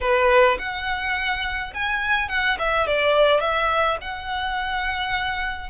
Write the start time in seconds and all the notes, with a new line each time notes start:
0.01 B4
0.58 F#5
1.74 G#5
2.28 F#5
2.58 E5
2.86 D5
3.40 E5
4.01 F#5